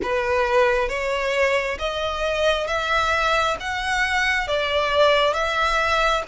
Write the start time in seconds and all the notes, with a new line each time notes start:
0.02 B4
0.88 C#5
1.78 D#5
2.67 E5
3.59 F#5
4.47 D5
5.33 E5